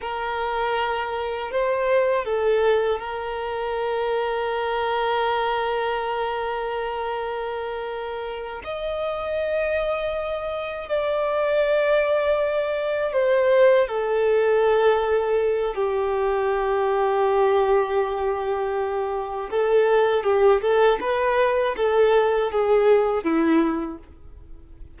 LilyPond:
\new Staff \with { instrumentName = "violin" } { \time 4/4 \tempo 4 = 80 ais'2 c''4 a'4 | ais'1~ | ais'2.~ ais'8 dis''8~ | dis''2~ dis''8 d''4.~ |
d''4. c''4 a'4.~ | a'4 g'2.~ | g'2 a'4 g'8 a'8 | b'4 a'4 gis'4 e'4 | }